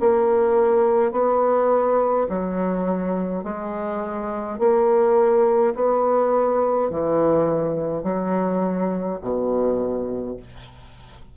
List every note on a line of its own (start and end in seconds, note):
0.00 1.12 A#3
1.12 2.27 B3
2.29 3.44 F#3
3.44 4.59 G#3
4.59 5.74 A#3
5.75 6.90 B3
6.90 8.03 E3
8.03 9.19 F#3
9.22 10.37 B2